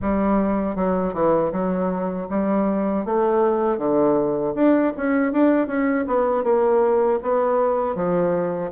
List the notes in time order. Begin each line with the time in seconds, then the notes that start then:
0.01 G3
0.75 F#3
1.13 E3
1.52 F#3
2.29 G3
3.05 A3
3.78 D3
4.54 D4
4.96 C#4
5.32 D4
5.67 C#4
6.07 B3
6.43 A#3
7.22 B3
7.95 F3